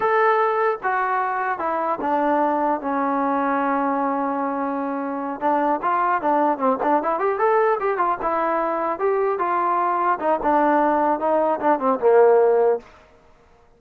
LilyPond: \new Staff \with { instrumentName = "trombone" } { \time 4/4 \tempo 4 = 150 a'2 fis'2 | e'4 d'2 cis'4~ | cis'1~ | cis'4. d'4 f'4 d'8~ |
d'8 c'8 d'8 e'8 g'8 a'4 g'8 | f'8 e'2 g'4 f'8~ | f'4. dis'8 d'2 | dis'4 d'8 c'8 ais2 | }